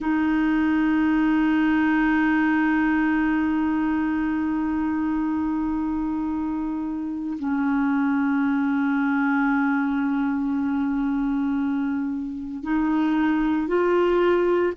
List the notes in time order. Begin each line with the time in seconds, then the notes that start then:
0.00 D#4
7.38 C#4
12.63 D#4
13.67 F4